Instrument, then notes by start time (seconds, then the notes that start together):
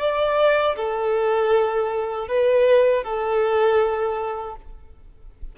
violin
0.00 D5
0.76 A4
2.28 B4
3.04 A4